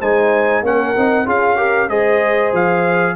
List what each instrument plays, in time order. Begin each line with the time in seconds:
0.00 tuba G#3, trombone D#4, horn C5, trumpet G#5
0.63 tuba A#3, trombone C#4, horn A#4, trumpet F#5
0.97 tuba C4, trombone D#4
1.27 tuba C#4, trombone F4, horn G#4, trumpet F5
1.57 trombone G4, horn A#4
1.89 tuba G#3, trombone G#4, horn C5, trumpet D#5
2.53 tuba F3, trumpet F5